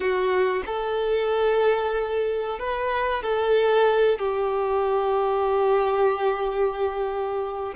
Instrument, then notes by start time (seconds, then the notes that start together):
violin
0.00 F#4
0.65 A4
2.59 B4
3.22 A4
4.18 G4